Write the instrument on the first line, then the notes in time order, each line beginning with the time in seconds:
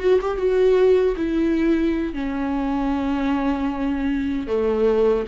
viola
0.00 F#4
0.21 G4
0.38 F#4
1.17 E4
2.14 C#4
4.48 A3